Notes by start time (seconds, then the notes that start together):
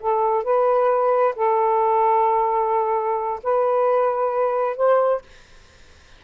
0.00 A4
0.44 B4
1.36 A4
3.43 B4
4.76 C5